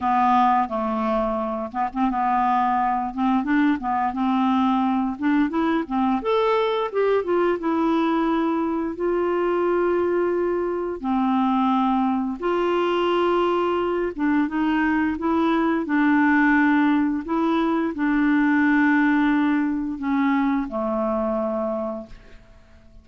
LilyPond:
\new Staff \with { instrumentName = "clarinet" } { \time 4/4 \tempo 4 = 87 b4 a4. b16 c'16 b4~ | b8 c'8 d'8 b8 c'4. d'8 | e'8 c'8 a'4 g'8 f'8 e'4~ | e'4 f'2. |
c'2 f'2~ | f'8 d'8 dis'4 e'4 d'4~ | d'4 e'4 d'2~ | d'4 cis'4 a2 | }